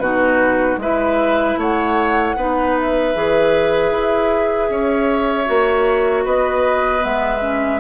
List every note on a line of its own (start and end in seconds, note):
0.00 0.78 B2
0.00 0.81 D#4
0.00 0.80 F#4
0.00 0.78 B4
0.78 1.56 G#3
0.78 2.37 E4
0.78 1.59 B4
0.78 1.60 E5
1.57 2.35 A3
1.57 2.37 C#5
1.57 2.78 F#5
2.37 3.15 B3
2.37 3.15 D#4
2.37 4.70 B4
2.78 6.27 E5
3.15 3.91 E3
3.15 5.46 G#4
3.91 4.69 E4
4.70 5.48 C#4
4.70 6.25 C#5
5.46 6.26 A#3
5.46 7.00 F#4
6.25 7.04 B3
6.25 7.80 B4
6.25 7.05 D#5
7.00 7.80 G#3
7.00 7.39 B3
7.00 7.80 E5
7.42 7.80 C#4